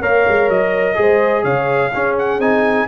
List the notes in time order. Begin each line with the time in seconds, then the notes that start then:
0.00 A#3 A#4 C#5 F5
0.28 G#3
0.49 F#3 D#5
0.95 G#3 G#4 C5
1.44 C#3 C#5 F5
1.92 C#4 G#4
2.19 F#5
2.38 C4 D#4 G#5